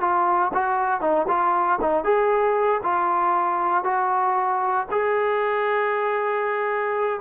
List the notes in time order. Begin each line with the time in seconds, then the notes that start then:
0.00 F4
0.53 F#4
1.01 D#4
1.28 F4
1.81 D#4
2.04 G#4
2.83 F4
3.84 F#4
4.91 G#4